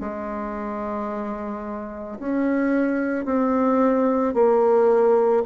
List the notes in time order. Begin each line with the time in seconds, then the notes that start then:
0.00 G#3
2.19 C#4
3.25 C4
4.34 A#3